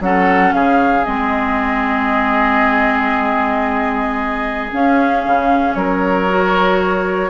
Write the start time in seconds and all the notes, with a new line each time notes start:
0.00 F#3 C#4 A4 F#5
0.53 C#3 G#4 F5
1.04 G#3 C4 D#5
4.71 C#4 F5
5.26 C#3
5.74 F#3 A#4 C#5
6.28 F#4